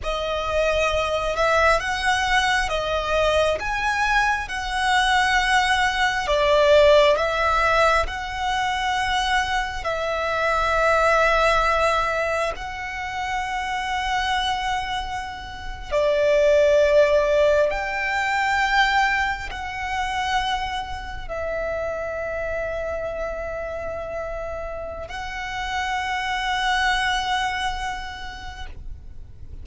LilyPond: \new Staff \with { instrumentName = "violin" } { \time 4/4 \tempo 4 = 67 dis''4. e''8 fis''4 dis''4 | gis''4 fis''2 d''4 | e''4 fis''2 e''4~ | e''2 fis''2~ |
fis''4.~ fis''16 d''2 g''16~ | g''4.~ g''16 fis''2 e''16~ | e''1 | fis''1 | }